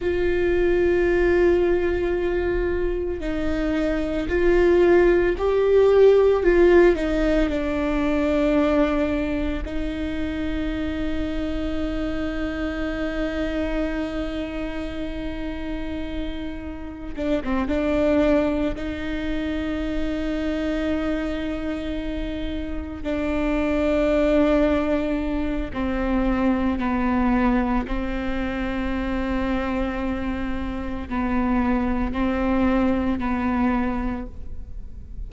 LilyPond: \new Staff \with { instrumentName = "viola" } { \time 4/4 \tempo 4 = 56 f'2. dis'4 | f'4 g'4 f'8 dis'8 d'4~ | d'4 dis'2.~ | dis'1 |
d'16 c'16 d'4 dis'2~ dis'8~ | dis'4. d'2~ d'8 | c'4 b4 c'2~ | c'4 b4 c'4 b4 | }